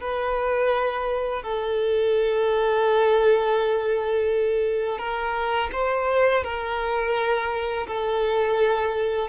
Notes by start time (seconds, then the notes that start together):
0.00 B4
1.43 A4
4.98 A#4
5.72 C5
6.44 A#4
7.87 A4